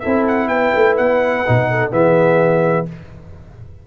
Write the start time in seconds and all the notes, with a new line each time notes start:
0.00 C4 E4 A4 E5
0.28 F#5
0.48 B3 B4 G5
0.75 A3
0.97 B3 F#5
1.46 B2 D#4
1.71 A4
1.91 E3 B3 G#4 E5